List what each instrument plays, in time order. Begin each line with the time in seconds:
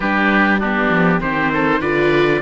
0.00 cello G3, viola D4, oboe G4, trumpet B4
0.59 viola B3, oboe D4, trumpet G4
0.89 cello F3
1.20 cello D#3, viola C4, oboe G4, trumpet C5
1.53 oboe A4
1.80 cello D3, viola F4, oboe B4, trumpet D5